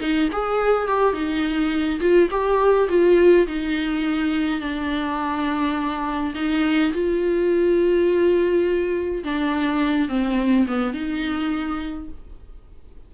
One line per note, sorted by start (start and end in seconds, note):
0.00 0.29 D#4
0.32 0.88 G#4
0.88 1.13 G4
1.13 2.00 D#4
2.00 2.29 F4
2.31 2.88 G4
2.89 3.46 F4
3.47 4.60 D#4
4.60 6.34 D4
6.35 6.92 D#4
6.93 9.24 F4
9.24 10.09 D4
10.09 10.67 C4
10.67 10.93 B3
10.93 12.09 D#4